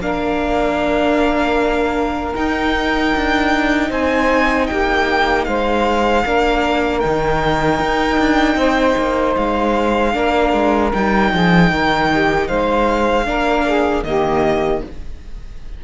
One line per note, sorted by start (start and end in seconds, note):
0.00 2.34 A#3
0.00 2.35 D4
0.00 3.89 A#4
0.00 2.36 F5
2.35 6.25 D#4
2.35 3.15 D#4
2.35 3.91 G5
3.16 3.91 D4
3.89 4.69 C4
3.89 4.67 C5
3.89 4.67 G#5
4.67 5.47 A#3
4.67 5.47 G4
4.67 5.45 G5
5.45 6.25 G#3
5.45 6.25 C5
5.45 7.00 F5
6.25 7.04 A#3
6.25 7.02 D4
6.25 8.58 A#4
7.00 7.80 D#3
7.00 10.13 D#4
7.00 9.34 G5
7.80 8.19 D#4
8.19 8.56 D4
8.56 8.95 C4
8.56 10.14 C5
8.97 9.36 A#3
9.37 10.15 G#3
9.37 10.93 F5
10.13 10.54 A#3
10.13 10.91 D4
10.13 11.32 A#4
10.54 10.93 G#3
10.93 11.33 G3
10.93 13.25 D#4
10.93 12.48 G5
11.32 11.71 F3
11.32 11.71 G#4
11.71 12.49 D#3
11.71 12.10 A#4
12.12 12.48 G4
12.48 13.28 G#3
12.48 13.26 C5
12.48 14.04 F5
13.25 14.04 A#3
13.25 14.03 D4
13.25 13.66 A#4
13.66 14.05 G#4
14.04 14.81 D#3
14.04 14.85 A#3
14.04 14.85 G4
14.04 14.82 D#5